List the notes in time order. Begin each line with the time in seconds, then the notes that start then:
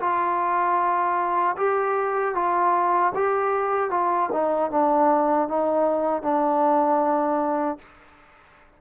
0.00 F4
1.57 G4
2.34 F4
3.14 G4
3.90 F4
4.32 D#4
4.70 D4
5.48 D#4
6.22 D4